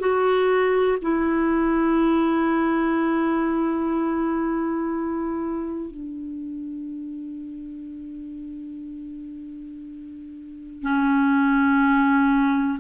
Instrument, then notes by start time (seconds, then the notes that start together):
clarinet
0.00 F#4
1.02 E4
5.92 D4
10.83 C#4